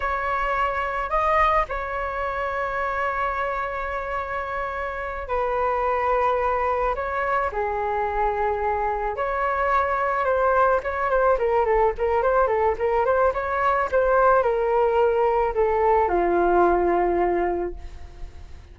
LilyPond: \new Staff \with { instrumentName = "flute" } { \time 4/4 \tempo 4 = 108 cis''2 dis''4 cis''4~ | cis''1~ | cis''4. b'2~ b'8~ | b'8 cis''4 gis'2~ gis'8~ |
gis'8 cis''2 c''4 cis''8 | c''8 ais'8 a'8 ais'8 c''8 a'8 ais'8 c''8 | cis''4 c''4 ais'2 | a'4 f'2. | }